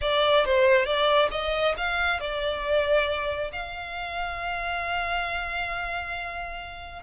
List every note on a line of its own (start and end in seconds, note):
0.01 0.45 D5
0.45 0.85 C5
0.85 1.29 D5
1.31 1.75 D#5
1.77 2.20 F5
2.20 3.51 D5
3.52 7.02 F5